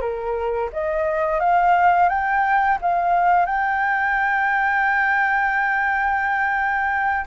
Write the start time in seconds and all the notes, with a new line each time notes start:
0.00 A#4
0.72 D#5
1.40 F5
2.09 G5
2.81 F5
3.46 G5